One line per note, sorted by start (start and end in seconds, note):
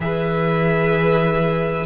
0.00 1.85 E3
0.00 1.86 G#4
0.00 1.86 B4
0.00 1.86 E5